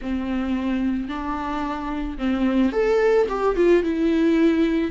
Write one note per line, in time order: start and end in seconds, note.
0.01 1.08 C4
1.08 2.17 D4
2.17 2.72 C4
2.72 3.26 A4
3.28 3.56 G4
3.56 3.83 F4
3.83 4.91 E4